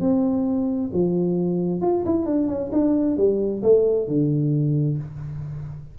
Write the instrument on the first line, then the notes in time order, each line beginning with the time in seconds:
tuba
0.00 C4
0.93 F3
1.81 F4
2.05 E4
2.26 D4
2.48 C#4
2.72 D4
3.17 G3
3.62 A3
4.07 D3